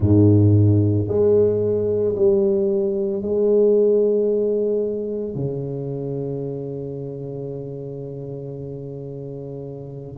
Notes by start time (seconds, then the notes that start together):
0.00 G#2
1.08 G#3
2.15 G3
3.21 G#3
5.35 C#3